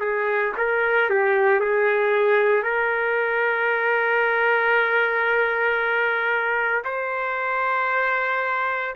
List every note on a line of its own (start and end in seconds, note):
0.00 0.53 G#4
0.57 1.10 A#4
1.10 1.60 G4
1.60 2.63 G#4
2.63 6.84 A#4
6.85 8.95 C5